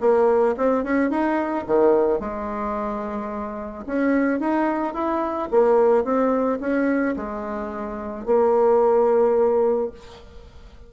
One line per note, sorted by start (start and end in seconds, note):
0.00 0.55 A#3
0.57 0.84 C4
0.84 1.10 C#4
1.10 1.65 D#4
1.66 2.19 D#3
2.19 3.85 G#3
3.86 4.39 C#4
4.39 4.94 D#4
4.94 5.49 E4
5.50 6.04 A#3
6.04 6.59 C4
6.60 7.15 C#4
7.16 8.25 G#3
8.25 9.91 A#3